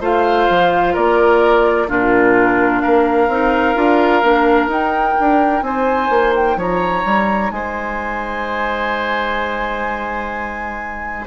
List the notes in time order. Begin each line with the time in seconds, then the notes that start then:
0.00 A3 F4 C5 F5
0.49 F3
0.93 A#3 A#4 D5
1.88 A#2 D4 F4 A#4
2.79 A#4 F5
2.86 A#3
3.28 C4 D#4
3.75 D4 F4
4.23 A#3 D4
4.67 D#4 G5
5.20 D4
5.62 C4 C5 G#5
6.10 A#3
6.35 G5
6.56 F3 C#5 A#5
7.04 G3
7.50 G#3 C5 G#5